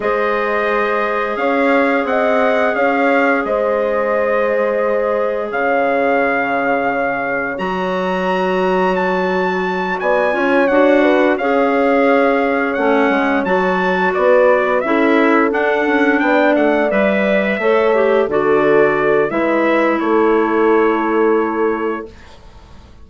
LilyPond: <<
  \new Staff \with { instrumentName = "trumpet" } { \time 4/4 \tempo 4 = 87 dis''2 f''4 fis''4 | f''4 dis''2. | f''2. ais''4~ | ais''4 a''4. gis''4 fis''8~ |
fis''8 f''2 fis''4 a''8~ | a''8 d''4 e''4 fis''4 g''8 | fis''8 e''2 d''4. | e''4 cis''2. | }
  \new Staff \with { instrumentName = "horn" } { \time 4/4 c''2 cis''4 dis''4 | cis''4 c''2. | cis''1~ | cis''2~ cis''8 d''8 cis''4 |
b'8 cis''2.~ cis''8~ | cis''8 b'4 a'2 d''8~ | d''4. cis''4 a'4. | b'4 a'2. | }
  \new Staff \with { instrumentName = "clarinet" } { \time 4/4 gis'1~ | gis'1~ | gis'2. fis'4~ | fis'2. f'8 fis'8~ |
fis'8 gis'2 cis'4 fis'8~ | fis'4. e'4 d'4.~ | d'8 b'4 a'8 g'8 fis'4. | e'1 | }
  \new Staff \with { instrumentName = "bassoon" } { \time 4/4 gis2 cis'4 c'4 | cis'4 gis2. | cis2. fis4~ | fis2~ fis8 b8 cis'8 d'8~ |
d'8 cis'2 a8 gis8 fis8~ | fis8 b4 cis'4 d'8 cis'8 b8 | a8 g4 a4 d4. | gis4 a2. | }
>>